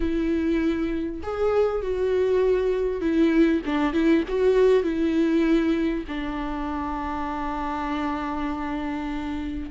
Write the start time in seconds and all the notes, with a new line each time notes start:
0.00 E4
1.23 G#4
1.82 F#4
3.01 E4
3.65 D4
3.93 E4
4.28 F#4
4.83 E4
6.08 D4